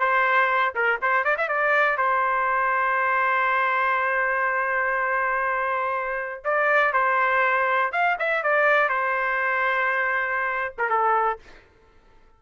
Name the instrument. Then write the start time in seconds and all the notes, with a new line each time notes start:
trumpet
0.00 C5
0.76 A#4
1.02 C5
1.25 D5
1.38 E5
1.49 D5
1.98 C5
6.45 D5
6.94 C5
7.92 F5
8.20 E5
8.43 D5
8.90 C5
10.79 A#4
10.90 A4